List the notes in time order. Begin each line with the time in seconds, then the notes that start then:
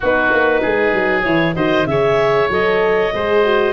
0.00 B3 D#4 F#4 B4
0.32 A#3
0.61 G#3 G#4
0.93 F#3
1.23 E3 E4 C#5
1.55 D#3 F#4 C5 D#5
1.86 C#3 G#4 C#5 E5
2.49 F#3 A4 D#5
3.13 G#3 G#4 C5
3.43 F#4